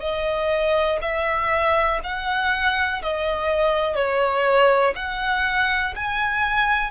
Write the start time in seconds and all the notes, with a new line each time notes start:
0.00 D#5
1.01 E5
2.03 F#5
3.02 D#5
3.95 C#5
4.95 F#5
5.95 G#5